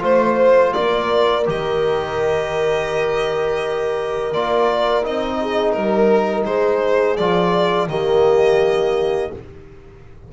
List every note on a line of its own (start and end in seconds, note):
0.00 0.74 A3
0.00 1.43 F4
0.00 0.75 C5
0.00 0.74 C5
0.74 1.48 A#3
0.74 5.40 A#4
0.74 1.45 D5
1.46 4.34 D#3
1.46 4.32 G4
1.46 4.34 D#5
4.34 5.05 A#3
4.34 5.03 F4
4.34 5.05 D5
5.03 5.75 C4
5.03 7.18 D#4
5.03 5.72 D#5
5.41 5.77 G#4
5.72 6.47 G3
5.72 6.44 A#4
5.72 6.46 A#4
6.46 7.19 G#3
6.46 7.89 G#4
6.46 7.17 C5
7.17 7.88 F3
7.17 7.89 F4
7.17 7.89 D5
7.88 9.31 D#3
7.88 9.32 A#3
7.88 9.33 G4
7.88 9.32 D#5